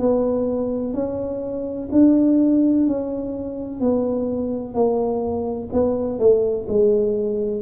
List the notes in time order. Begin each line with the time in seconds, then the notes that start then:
0.00 B3
0.94 C#4
1.92 D4
2.87 C#4
3.81 B3
4.74 A#3
5.73 B3
6.19 A3
6.68 G#3